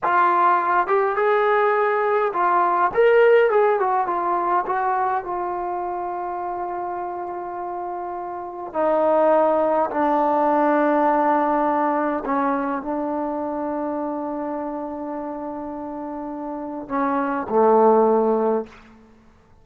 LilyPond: \new Staff \with { instrumentName = "trombone" } { \time 4/4 \tempo 4 = 103 f'4. g'8 gis'2 | f'4 ais'4 gis'8 fis'8 f'4 | fis'4 f'2.~ | f'2. dis'4~ |
dis'4 d'2.~ | d'4 cis'4 d'2~ | d'1~ | d'4 cis'4 a2 | }